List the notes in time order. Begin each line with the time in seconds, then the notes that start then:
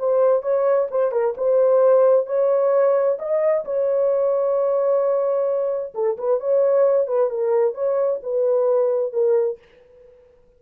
0.00 C5
0.43 C#5
0.92 C5
1.12 A#4
1.38 C5
2.27 C#5
3.19 D#5
3.65 C#5
5.95 A4
6.18 B4
6.41 C#5
7.08 B4
7.30 A#4
7.75 C#5
8.23 B4
9.13 A#4